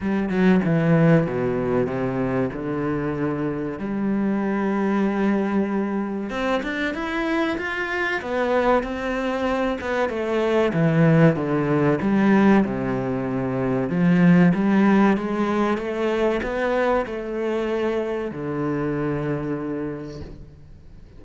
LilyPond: \new Staff \with { instrumentName = "cello" } { \time 4/4 \tempo 4 = 95 g8 fis8 e4 b,4 c4 | d2 g2~ | g2 c'8 d'8 e'4 | f'4 b4 c'4. b8 |
a4 e4 d4 g4 | c2 f4 g4 | gis4 a4 b4 a4~ | a4 d2. | }